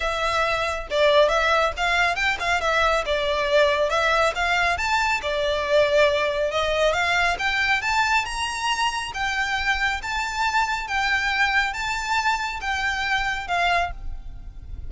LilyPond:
\new Staff \with { instrumentName = "violin" } { \time 4/4 \tempo 4 = 138 e''2 d''4 e''4 | f''4 g''8 f''8 e''4 d''4~ | d''4 e''4 f''4 a''4 | d''2. dis''4 |
f''4 g''4 a''4 ais''4~ | ais''4 g''2 a''4~ | a''4 g''2 a''4~ | a''4 g''2 f''4 | }